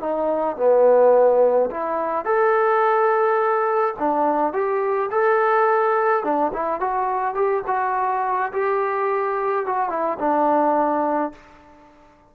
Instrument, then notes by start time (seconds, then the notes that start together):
trombone
0.00 D#4
0.57 B3
1.71 E4
2.25 A4
3.99 D4
4.53 G4
5.11 A4
6.24 D4
6.53 E4
6.81 F#4
7.35 G4
7.67 F#4
8.53 G4
9.66 F#4
9.90 E4
10.19 D4